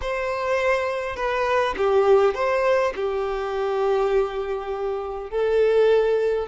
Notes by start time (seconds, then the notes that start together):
0.01 C5
1.16 B4
1.77 G4
2.34 C5
2.95 G4
5.30 A4